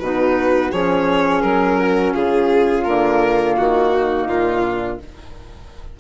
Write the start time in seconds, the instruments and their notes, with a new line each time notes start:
0.00 bassoon B2, clarinet D#4, flute F#4, violin B4
0.72 bassoon F3, clarinet C#4, flute G#4, violin C#5
1.42 bassoon F#3, violin A#4
1.79 flute F#4
2.15 bassoon C#3, flute F4, violin G#4
2.85 bassoon D3, clarinet A#3, violin A#4
3.57 bassoon D#3, violin F#4
3.92 flute D#4
4.27 bassoon A#2, violin F4
4.62 flute D4